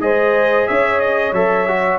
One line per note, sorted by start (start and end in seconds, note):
0.00 0.67 G#3
0.00 1.33 G#4
0.00 0.69 C5
0.00 0.67 D#5
0.67 1.32 C#4
0.67 1.99 C#5
0.67 1.00 E5
1.00 1.33 D#5
1.32 1.99 F#3
1.32 1.67 A4
1.32 1.99 E5
1.67 1.99 F#4